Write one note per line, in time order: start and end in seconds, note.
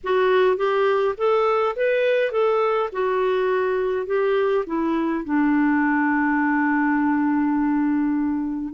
0.03 0.57 F#4
0.57 1.15 G4
1.17 1.75 A4
1.76 2.31 B4
2.31 2.89 A4
2.92 4.06 F#4
4.06 4.64 G4
4.66 5.24 E4
5.24 8.73 D4